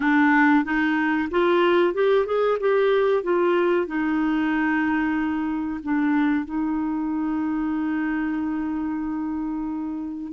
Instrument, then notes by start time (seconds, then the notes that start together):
clarinet
0.00 D4
0.64 D#4
1.30 F4
1.94 G4
2.26 G#4
2.60 G4
3.23 F4
3.87 D#4
5.83 D4
6.45 D#4